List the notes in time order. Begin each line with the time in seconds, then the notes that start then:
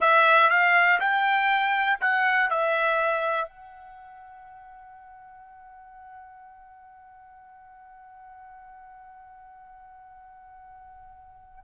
0.00 E5
0.50 F5
1.00 G5
2.00 F#5
2.50 E5
3.48 F#5